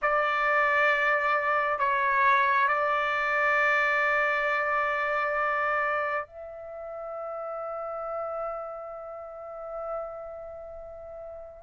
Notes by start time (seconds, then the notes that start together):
0.02 D5
1.78 C#5
2.68 D5
6.26 E5